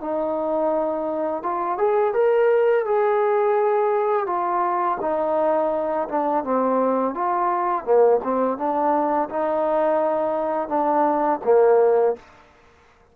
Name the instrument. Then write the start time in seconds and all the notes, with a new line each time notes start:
trombone
0.00 D#4
1.43 F4
1.78 G#4
2.14 A#4
2.85 G#4
4.26 F4
5.01 D#4
6.08 D4
6.44 C4
7.14 F4
7.84 A#3
8.23 C4
8.57 D4
9.30 D#4
10.68 D4
11.44 A#3